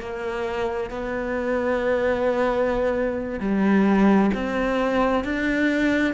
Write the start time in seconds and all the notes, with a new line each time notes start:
0.00 A#3
0.90 B3
3.39 G3
4.34 C4
5.24 D4